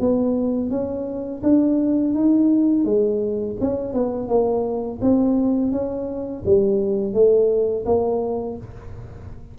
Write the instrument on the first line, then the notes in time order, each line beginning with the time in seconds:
tuba
0.00 B3
0.70 C#4
1.43 D4
2.14 D#4
2.85 G#3
3.61 C#4
3.94 B3
4.28 A#3
5.01 C4
5.72 C#4
6.45 G3
7.13 A3
7.86 A#3